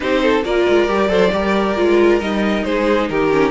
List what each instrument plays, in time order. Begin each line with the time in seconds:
0.00 cello C4, viola D#4, violin G4 C5
0.23 violin A4
0.44 cello A#3, viola F4, violin A#4 D5
0.68 cello G#3
0.88 cello G3, viola G4
1.08 cello F#3, viola A4, violin C5
1.32 cello G3, viola G4, violin A#4
1.76 cello G#3, viola F4
2.20 cello G3, viola D#4, violin D#5
2.64 cello G#3, violin G#4 C5
3.09 cello D#3, violin G4 A#4
3.31 viola C#4